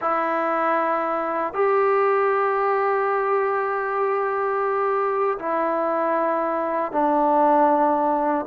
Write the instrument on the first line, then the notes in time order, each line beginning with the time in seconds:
trombone
0.01 E4
1.53 G4
5.38 E4
6.92 D4